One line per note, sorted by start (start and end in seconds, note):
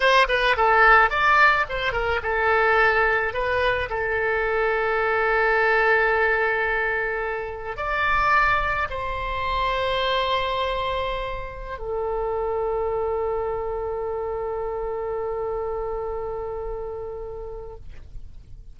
0.00 0.26 C5
0.28 0.56 B4
0.57 1.10 A4
1.10 1.65 D5
1.69 1.92 C5
1.92 2.20 A#4
2.22 3.33 A4
3.33 3.89 B4
3.89 7.76 A4
7.76 8.87 D5
8.90 11.78 C5
11.78 17.75 A4